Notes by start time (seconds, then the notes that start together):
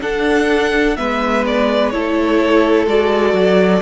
0.00 D4 A4 F#5
0.96 G#3 B3 B4 E5
1.46 D5
1.90 A3 E4 A4 C#5
2.86 G#3 F#4 D5
3.33 F#3